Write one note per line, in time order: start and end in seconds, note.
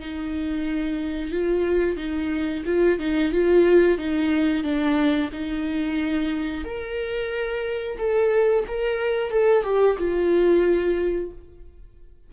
0.00 1.32 D#4
1.32 1.97 F4
1.97 2.64 D#4
2.66 2.99 F4
2.99 3.32 D#4
3.32 3.98 F4
3.98 4.64 D#4
4.64 5.30 D4
5.33 6.65 D#4
6.65 7.98 A#4
7.98 8.65 A4
8.68 9.31 A#4
9.31 9.64 A4
9.64 9.97 G4
9.98 11.31 F4